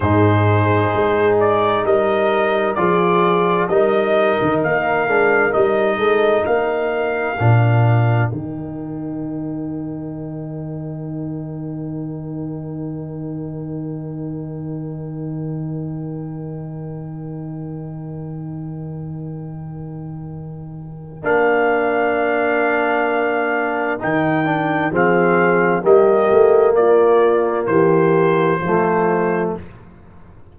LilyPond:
<<
  \new Staff \with { instrumentName = "trumpet" } { \time 4/4 \tempo 4 = 65 c''4. d''8 dis''4 d''4 | dis''4 f''4 dis''4 f''4~ | f''4 g''2.~ | g''1~ |
g''1~ | g''2. f''4~ | f''2 g''4 f''4 | dis''4 d''4 c''2 | }
  \new Staff \with { instrumentName = "horn" } { \time 4/4 gis'2 ais'4 gis'4 | ais'2~ ais'8 a'8 ais'4~ | ais'1~ | ais'1~ |
ais'1~ | ais'1~ | ais'2. gis'4 | g'4 f'4 g'4 f'4 | }
  \new Staff \with { instrumentName = "trombone" } { \time 4/4 dis'2. f'4 | dis'4. d'8 dis'2 | d'4 dis'2.~ | dis'1~ |
dis'1~ | dis'2. d'4~ | d'2 dis'8 d'8 c'4 | ais2. a4 | }
  \new Staff \with { instrumentName = "tuba" } { \time 4/4 gis,4 gis4 g4 f4 | g8. dis16 ais8 gis8 g8 gis8 ais4 | ais,4 dis2.~ | dis1~ |
dis1~ | dis2. ais4~ | ais2 dis4 f4 | g8 a8 ais4 e4 f4 | }
>>